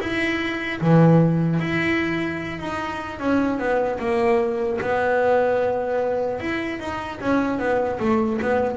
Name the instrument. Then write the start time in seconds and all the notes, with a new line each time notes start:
double bass
0.00 E4
0.80 E3
1.59 E4
2.59 D#4
3.19 C#4
3.58 B3
3.99 A#3
4.81 B3
6.40 E4
6.79 D#4
7.20 C#4
7.59 B3
7.99 A3
8.41 B3